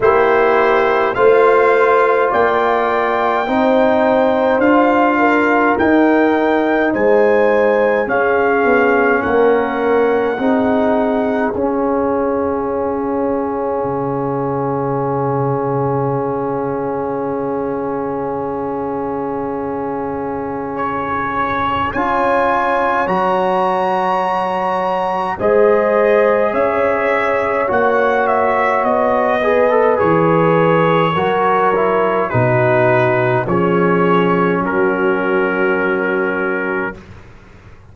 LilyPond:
<<
  \new Staff \with { instrumentName = "trumpet" } { \time 4/4 \tempo 4 = 52 c''4 f''4 g''2 | f''4 g''4 gis''4 f''4 | fis''2 f''2~ | f''1~ |
f''2 cis''4 gis''4 | ais''2 dis''4 e''4 | fis''8 e''8 dis''4 cis''2 | b'4 cis''4 ais'2 | }
  \new Staff \with { instrumentName = "horn" } { \time 4/4 g'4 c''4 d''4 c''4~ | c''8 ais'4. c''4 gis'4 | ais'4 gis'2.~ | gis'1~ |
gis'2. cis''4~ | cis''2 c''4 cis''4~ | cis''4. b'4. ais'4 | fis'4 gis'4 fis'2 | }
  \new Staff \with { instrumentName = "trombone" } { \time 4/4 e'4 f'2 dis'4 | f'4 dis'2 cis'4~ | cis'4 dis'4 cis'2~ | cis'1~ |
cis'2. f'4 | fis'2 gis'2 | fis'4. gis'16 a'16 gis'4 fis'8 e'8 | dis'4 cis'2. | }
  \new Staff \with { instrumentName = "tuba" } { \time 4/4 ais4 a4 ais4 c'4 | d'4 dis'4 gis4 cis'8 b8 | ais4 c'4 cis'2 | cis1~ |
cis2. cis'4 | fis2 gis4 cis'4 | ais4 b4 e4 fis4 | b,4 f4 fis2 | }
>>